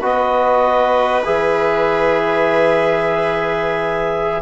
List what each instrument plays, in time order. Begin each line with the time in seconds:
0.00 bassoon B3, trombone F#4, viola B4, clarinet D#5
1.25 bassoon E3, trombone G#4, clarinet E5